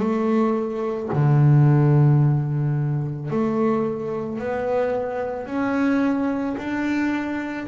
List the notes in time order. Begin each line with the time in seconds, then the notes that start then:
0.00 A3
1.13 D3
3.31 A3
4.39 B3
5.47 C#4
6.58 D4